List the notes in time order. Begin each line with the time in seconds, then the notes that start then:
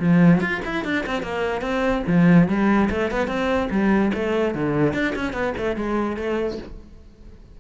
0.00 F3
0.41 F4
0.65 E4
0.85 D4
1.06 C4
1.23 A#3
1.62 C4
2.08 F3
2.49 G3
2.91 A3
3.11 B3
3.28 C4
3.71 G3
4.14 A3
4.55 D3
4.94 D4
5.16 C#4
5.33 B3
5.58 A3
5.77 G#3
6.17 A3